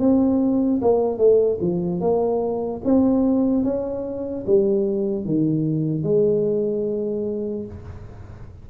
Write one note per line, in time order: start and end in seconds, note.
0.00 0.81 C4
0.82 1.18 A#3
1.18 1.59 A3
1.61 2.00 F3
2.00 2.82 A#3
2.85 3.64 C4
3.64 4.45 C#4
4.47 5.25 G3
5.25 6.03 D#3
6.03 7.65 G#3